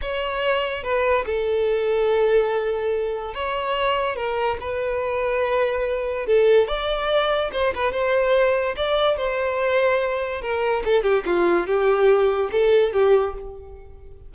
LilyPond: \new Staff \with { instrumentName = "violin" } { \time 4/4 \tempo 4 = 144 cis''2 b'4 a'4~ | a'1 | cis''2 ais'4 b'4~ | b'2. a'4 |
d''2 c''8 b'8 c''4~ | c''4 d''4 c''2~ | c''4 ais'4 a'8 g'8 f'4 | g'2 a'4 g'4 | }